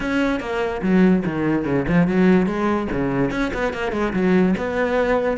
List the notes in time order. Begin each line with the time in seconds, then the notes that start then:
0.00 C#4
0.39 A#3
0.82 F#3
1.25 D#3
1.65 C#3
1.87 F3
2.07 F#3
2.46 G#3
2.92 C#3
3.30 C#4
3.53 B3
3.73 A#3
3.92 G#3
4.13 F#3
4.57 B3